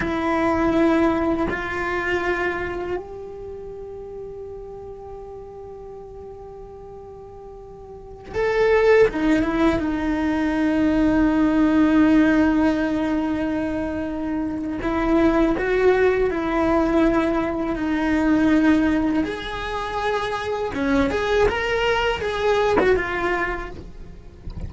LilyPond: \new Staff \with { instrumentName = "cello" } { \time 4/4 \tempo 4 = 81 e'2 f'2 | g'1~ | g'2.~ g'16 a'8.~ | a'16 dis'8 e'8 dis'2~ dis'8.~ |
dis'1 | e'4 fis'4 e'2 | dis'2 gis'2 | cis'8 gis'8 ais'4 gis'8. fis'16 f'4 | }